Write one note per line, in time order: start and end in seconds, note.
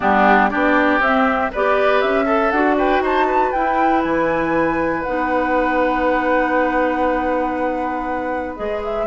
0.00 0.53 G3
0.00 0.50 B3
0.00 0.49 D4
0.00 0.49 G4
0.49 0.99 B3
0.49 1.01 D4
0.49 1.51 G4
0.49 1.00 D5
0.99 1.49 C4
0.99 1.51 C4
0.99 1.52 E5
1.52 2.03 B3
1.52 2.26 G4
1.52 2.25 B4
1.52 2.01 D5
2.01 2.51 C#4
2.01 2.50 E5
2.25 2.75 A4
2.25 2.51 A4
2.50 3.00 D4
2.50 3.54 F#4
2.50 2.76 F#5
2.77 3.02 B4
2.77 3.03 G5
3.00 3.50 D#4
3.00 3.26 C5
3.00 3.52 A5
3.26 9.06 B4
3.52 5.05 E4
3.52 4.04 E4
3.52 4.02 G5
4.02 5.05 E3
4.02 5.02 G#5
5.02 8.58 B3
5.02 8.56 D#4
5.02 8.55 F#5
8.56 9.06 G#3
8.56 9.06 G#4
8.56 8.81 D#5
8.84 9.06 E5